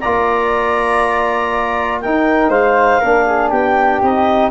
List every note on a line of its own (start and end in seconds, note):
0.00 2.05 A#3
0.00 2.04 F4
0.00 2.01 D5
0.00 2.00 A#5
2.01 3.03 D#4
2.01 2.49 D#4
2.01 2.50 A#4
2.01 2.51 G5
2.49 2.99 G#3
2.49 3.00 C5
2.49 3.51 F5
3.00 3.52 A#3
3.00 4.03 D4
3.00 3.25 A#4
3.27 3.51 G#4
3.51 4.02 B3
3.51 4.51 G4
3.51 4.02 G5
4.02 4.51 C4
4.02 4.51 D#4
4.02 4.51 D#5